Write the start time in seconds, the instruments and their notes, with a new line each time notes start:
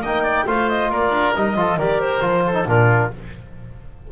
0.00 double bass A#3, trombone D#4, oboe D#5, clarinet G5
0.23 oboe D5
0.46 double bass A3, trombone F4, oboe C5, clarinet F5
0.69 clarinet D#5
0.89 double bass A#3, oboe A#4, clarinet D5
1.09 double bass D4
1.34 double bass G3, trombone D#4, clarinet D#5
1.55 double bass F3, trombone F4, oboe A4
1.76 double bass D#3, trombone G4, oboe A#4, clarinet D5
2.00 clarinet C5
2.21 double bass F3, trombone F4
2.46 oboe A4
2.53 trombone D#4
2.65 double bass A#2, trombone D4, oboe F4, clarinet A#4